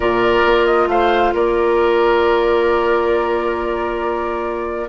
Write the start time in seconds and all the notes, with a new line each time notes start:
0.00 A#2 F4 A#4 D5
0.45 A#3
0.65 D#5
0.87 A3 C5 F5
1.34 A#3 A#4 D5